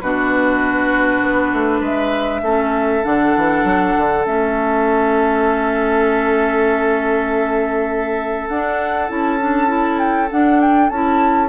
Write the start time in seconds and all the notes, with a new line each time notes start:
0.00 B2 D4 F#4 B4
1.21 B3
1.52 A3
1.80 G#3 B4 E5
2.42 A3 C#4 A4
3.03 D3 D4 F#5
3.36 E3
3.63 F#3
3.97 D3
4.24 A3 C#4 E5
8.48 D4 F#5
9.08 C#4 E4 A5
9.40 D4
9.66 E4
9.98 G5
10.30 D4 F#5
10.60 G5
10.89 C#4 E4 A5